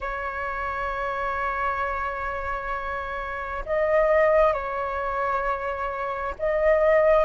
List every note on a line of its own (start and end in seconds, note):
0.00 3.64 C#5
3.65 4.52 D#5
4.52 6.34 C#5
6.38 7.25 D#5